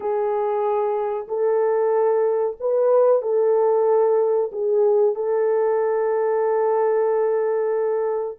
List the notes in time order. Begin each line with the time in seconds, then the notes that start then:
0.00 G#4
1.28 A4
2.60 B4
3.21 A4
4.52 G#4
5.15 A4